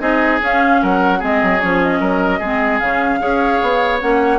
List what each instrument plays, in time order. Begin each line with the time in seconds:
0.00 bassoon C4, clarinet D#4, oboe G#4, flute D#5
0.42 clarinet C#4, bassoon C#4, flute F5
0.83 bassoon F#3, oboe A#4, flute F#5
1.19 bassoon G#3, clarinet C4, oboe G#4, flute D#5
1.43 bassoon F#3
1.61 bassoon F3, clarinet C#4, flute C#5
1.82 flute D#5
2.00 bassoon F#3, oboe A#4
2.39 bassoon G#3, clarinet C4, oboe G#4
2.79 bassoon C#3, clarinet C#4, flute F5
3.20 bassoon C#4, clarinet G#4, oboe C#5
3.63 bassoon B3
4.01 bassoon A#3, clarinet C#4, flute F#5